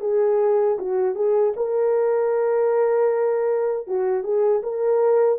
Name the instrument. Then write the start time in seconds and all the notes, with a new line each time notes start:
horn
0.00 G#4
0.78 F#4
1.15 G#4
1.56 A#4
3.87 F#4
4.23 G#4
4.63 A#4